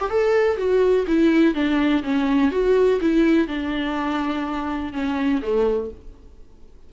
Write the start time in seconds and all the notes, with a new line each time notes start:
0.00 G4
0.10 A4
0.57 F#4
1.07 E4
1.54 D4
2.03 C#4
2.51 F#4
3.01 E4
3.47 D4
4.93 C#4
5.42 A3